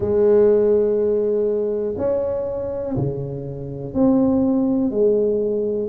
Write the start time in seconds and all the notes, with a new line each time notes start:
0.00 G#3
1.97 C#4
2.96 C#3
3.93 C4
4.90 G#3